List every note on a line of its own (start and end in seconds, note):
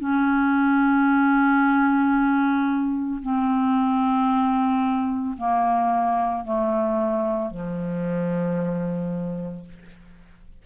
0.00 3.21 C#4
3.22 5.37 C4
5.38 6.45 A#3
6.45 7.50 A3
7.50 9.65 F3